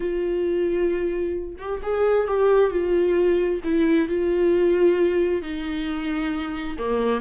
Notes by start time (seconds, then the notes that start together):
0.00 F4
1.58 G4
1.82 G#4
2.27 G4
2.70 F4
3.64 E4
4.08 F4
5.42 D#4
6.78 A#3